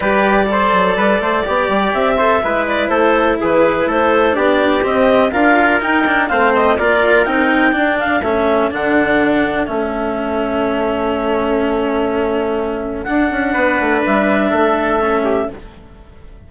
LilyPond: <<
  \new Staff \with { instrumentName = "clarinet" } { \time 4/4 \tempo 4 = 124 d''1 | e''4. d''8 c''4 b'4 | c''4 d''4 dis''4 f''4 | g''4 f''8 dis''8 d''4 g''4~ |
g''8 f''8 e''4 fis''2 | e''1~ | e''2. fis''4~ | fis''4 e''2. | }
  \new Staff \with { instrumentName = "trumpet" } { \time 4/4 b'4 c''4 b'8 c''8 d''4~ | d''8 c''8 b'4 a'4 gis'4 | a'4 g'2 ais'4~ | ais'4 c''4 ais'2 |
a'1~ | a'1~ | a'1 | b'2 a'4. g'8 | }
  \new Staff \with { instrumentName = "cello" } { \time 4/4 g'4 a'2 g'4~ | g'8 a'8 e'2.~ | e'4 d'4 c'4 f'4 | dis'8 d'8 c'4 f'4 dis'4 |
d'4 cis'4 d'2 | cis'1~ | cis'2. d'4~ | d'2. cis'4 | }
  \new Staff \with { instrumentName = "bassoon" } { \time 4/4 g4. fis8 g8 a8 b8 g8 | c'4 gis4 a4 e4 | a4 b4 c'4 d'4 | dis'4 a4 ais4 c'4 |
d'4 a4 d2 | a1~ | a2. d'8 cis'8 | b8 a8 g4 a2 | }
>>